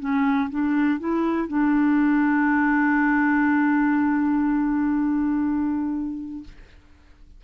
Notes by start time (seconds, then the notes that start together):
0.00 C#4
0.50 D4
0.99 E4
1.48 D4